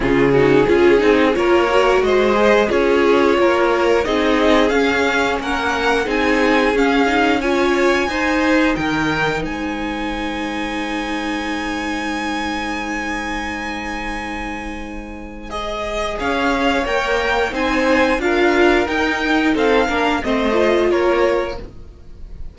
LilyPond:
<<
  \new Staff \with { instrumentName = "violin" } { \time 4/4 \tempo 4 = 89 gis'2 cis''4 dis''4 | cis''2 dis''4 f''4 | fis''4 gis''4 f''4 gis''4~ | gis''4 g''4 gis''2~ |
gis''1~ | gis''2. dis''4 | f''4 g''4 gis''4 f''4 | g''4 f''4 dis''4 cis''4 | }
  \new Staff \with { instrumentName = "violin" } { \time 4/4 f'8 fis'8 gis'4 ais'4 c''4 | gis'4 ais'4 gis'2 | ais'4 gis'2 cis''4 | c''4 ais'4 c''2~ |
c''1~ | c''1 | cis''2 c''4 ais'4~ | ais'4 a'8 ais'8 c''4 ais'4 | }
  \new Staff \with { instrumentName = "viola" } { \time 4/4 cis'8 dis'8 f'8 dis'8 f'8 fis'4 gis'8 | f'2 dis'4 cis'4~ | cis'4 dis'4 cis'8 dis'8 f'4 | dis'1~ |
dis'1~ | dis'2. gis'4~ | gis'4 ais'4 dis'4 f'4 | dis'4. d'8 c'8 f'4. | }
  \new Staff \with { instrumentName = "cello" } { \time 4/4 cis4 cis'8 c'8 ais4 gis4 | cis'4 ais4 c'4 cis'4 | ais4 c'4 cis'2 | dis'4 dis4 gis2~ |
gis1~ | gis1 | cis'4 ais4 c'4 d'4 | dis'4 c'8 ais8 a4 ais4 | }
>>